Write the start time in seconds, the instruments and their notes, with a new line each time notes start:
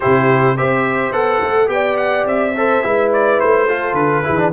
0.00 tuba C3, trombone E4, horn G4, trumpet C5
0.56 tuba C4, trombone G4, horn C5, trumpet E5
1.11 tuba B3, trombone A4, trumpet F#5
1.41 tuba A3
1.67 tuba B3, trombone G4, horn D5, trumpet G5
1.97 trumpet F#5
2.25 tuba C4, trumpet E5
2.56 trombone A4, horn C5
2.83 tuba G#3, trombone E4, horn B4
3.12 trumpet D5
3.40 tuba A3, trumpet C5
3.67 trombone F4, horn A4
3.93 tuba D3, trumpet B4
4.24 tuba E3, trombone E4, horn G#4
4.37 trombone D4